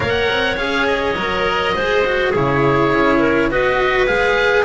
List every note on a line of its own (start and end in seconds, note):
0.00 0.28 A#3
0.00 0.55 A#4
0.00 1.75 C#5
0.00 0.57 F#5
0.29 0.58 C4
0.56 1.16 C#4
0.56 1.15 G#4
0.56 0.86 F5
0.87 2.32 D#5
1.15 1.74 F#3
1.15 1.74 A#4
1.74 2.34 G#3
1.74 2.03 G#4
1.74 2.30 C5
2.04 2.33 F#4
2.30 2.92 C#3
2.30 3.50 E4
2.30 3.18 G#4
2.30 3.51 C#5
2.92 3.49 C#4
3.19 3.48 A#4
3.49 4.08 B3
3.49 4.06 F#4
3.49 4.65 B4
3.49 4.07 D#5
4.06 4.65 G#3
4.06 4.65 G#4
4.06 4.65 F5